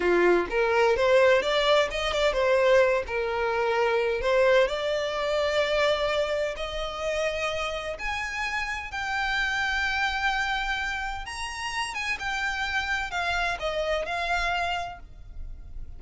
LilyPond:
\new Staff \with { instrumentName = "violin" } { \time 4/4 \tempo 4 = 128 f'4 ais'4 c''4 d''4 | dis''8 d''8 c''4. ais'4.~ | ais'4 c''4 d''2~ | d''2 dis''2~ |
dis''4 gis''2 g''4~ | g''1 | ais''4. gis''8 g''2 | f''4 dis''4 f''2 | }